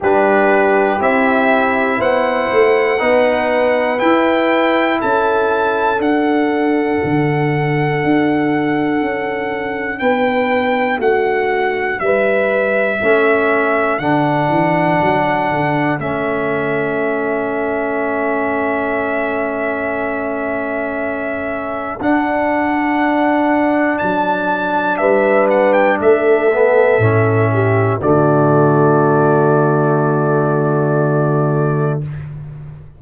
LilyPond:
<<
  \new Staff \with { instrumentName = "trumpet" } { \time 4/4 \tempo 4 = 60 b'4 e''4 fis''2 | g''4 a''4 fis''2~ | fis''2 g''4 fis''4 | e''2 fis''2 |
e''1~ | e''2 fis''2 | a''4 e''8 fis''16 g''16 e''2 | d''1 | }
  \new Staff \with { instrumentName = "horn" } { \time 4/4 g'2 c''4 b'4~ | b'4 a'2.~ | a'2 b'4 fis'4 | b'4 a'2.~ |
a'1~ | a'1~ | a'4 b'4 a'4. g'8 | fis'1 | }
  \new Staff \with { instrumentName = "trombone" } { \time 4/4 d'4 e'2 dis'4 | e'2 d'2~ | d'1~ | d'4 cis'4 d'2 |
cis'1~ | cis'2 d'2~ | d'2~ d'8 b8 cis'4 | a1 | }
  \new Staff \with { instrumentName = "tuba" } { \time 4/4 g4 c'4 b8 a8 b4 | e'4 cis'4 d'4 d4 | d'4 cis'4 b4 a4 | g4 a4 d8 e8 fis8 d8 |
a1~ | a2 d'2 | fis4 g4 a4 a,4 | d1 | }
>>